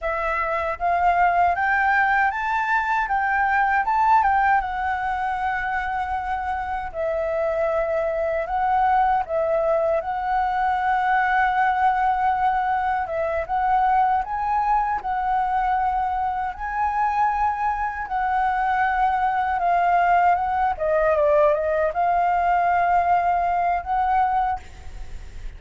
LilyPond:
\new Staff \with { instrumentName = "flute" } { \time 4/4 \tempo 4 = 78 e''4 f''4 g''4 a''4 | g''4 a''8 g''8 fis''2~ | fis''4 e''2 fis''4 | e''4 fis''2.~ |
fis''4 e''8 fis''4 gis''4 fis''8~ | fis''4. gis''2 fis''8~ | fis''4. f''4 fis''8 dis''8 d''8 | dis''8 f''2~ f''8 fis''4 | }